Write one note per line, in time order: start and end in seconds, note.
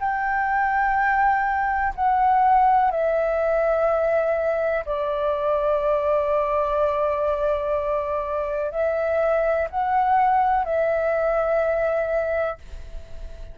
0.00 1.94 G5
1.96 2.91 F#5
2.91 4.85 E5
4.86 8.72 D5
8.72 9.69 E5
9.71 10.65 F#5
10.65 12.59 E5